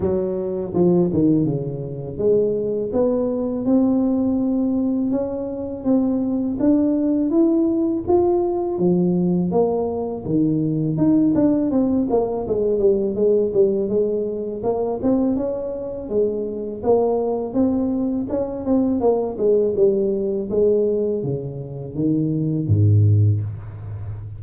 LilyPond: \new Staff \with { instrumentName = "tuba" } { \time 4/4 \tempo 4 = 82 fis4 f8 dis8 cis4 gis4 | b4 c'2 cis'4 | c'4 d'4 e'4 f'4 | f4 ais4 dis4 dis'8 d'8 |
c'8 ais8 gis8 g8 gis8 g8 gis4 | ais8 c'8 cis'4 gis4 ais4 | c'4 cis'8 c'8 ais8 gis8 g4 | gis4 cis4 dis4 gis,4 | }